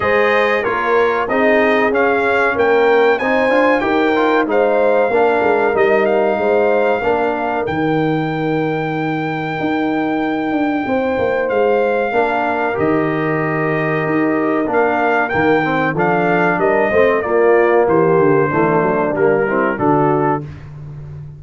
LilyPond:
<<
  \new Staff \with { instrumentName = "trumpet" } { \time 4/4 \tempo 4 = 94 dis''4 cis''4 dis''4 f''4 | g''4 gis''4 g''4 f''4~ | f''4 dis''8 f''2~ f''8 | g''1~ |
g''2 f''2 | dis''2. f''4 | g''4 f''4 dis''4 d''4 | c''2 ais'4 a'4 | }
  \new Staff \with { instrumentName = "horn" } { \time 4/4 c''4 ais'4 gis'2 | ais'4 c''4 ais'4 c''4 | ais'2 c''4 ais'4~ | ais'1~ |
ais'4 c''2 ais'4~ | ais'1~ | ais'4 a'4 ais'8 c''8 f'4 | g'4 d'4. e'8 fis'4 | }
  \new Staff \with { instrumentName = "trombone" } { \time 4/4 gis'4 f'4 dis'4 cis'4~ | cis'4 dis'8 f'8 g'8 f'8 dis'4 | d'4 dis'2 d'4 | dis'1~ |
dis'2. d'4 | g'2. d'4 | ais8 c'8 d'4. c'8 ais4~ | ais4 a4 ais8 c'8 d'4 | }
  \new Staff \with { instrumentName = "tuba" } { \time 4/4 gis4 ais4 c'4 cis'4 | ais4 c'8 d'8 dis'4 gis4 | ais8 gis8 g4 gis4 ais4 | dis2. dis'4~ |
dis'8 d'8 c'8 ais8 gis4 ais4 | dis2 dis'4 ais4 | dis4 f4 g8 a8 ais4 | e8 d8 e8 fis8 g4 d4 | }
>>